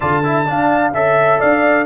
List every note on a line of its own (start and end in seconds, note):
0.00 0.48 D3
0.00 0.23 F4
0.00 0.21 D5
0.00 0.92 A5
0.23 0.46 E4
0.23 0.47 E5
0.46 0.93 D4
0.46 0.94 F5
0.93 1.40 C#4
0.93 1.85 A4
0.93 1.40 E5
0.93 1.39 E5
1.39 1.85 D4
1.39 1.85 D5
1.39 1.85 F5